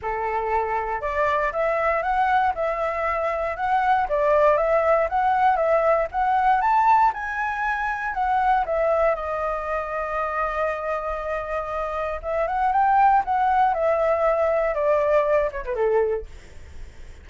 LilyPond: \new Staff \with { instrumentName = "flute" } { \time 4/4 \tempo 4 = 118 a'2 d''4 e''4 | fis''4 e''2 fis''4 | d''4 e''4 fis''4 e''4 | fis''4 a''4 gis''2 |
fis''4 e''4 dis''2~ | dis''1 | e''8 fis''8 g''4 fis''4 e''4~ | e''4 d''4. cis''16 b'16 a'4 | }